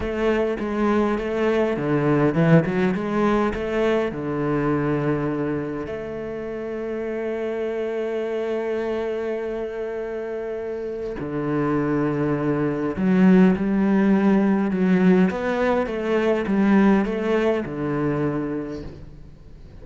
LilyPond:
\new Staff \with { instrumentName = "cello" } { \time 4/4 \tempo 4 = 102 a4 gis4 a4 d4 | e8 fis8 gis4 a4 d4~ | d2 a2~ | a1~ |
a2. d4~ | d2 fis4 g4~ | g4 fis4 b4 a4 | g4 a4 d2 | }